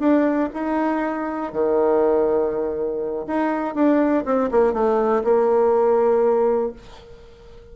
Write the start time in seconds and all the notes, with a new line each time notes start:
0.00 D4
0.54 D#4
1.53 D#3
3.27 D#4
3.75 D4
4.26 C4
4.51 A#3
4.74 A3
5.24 A#3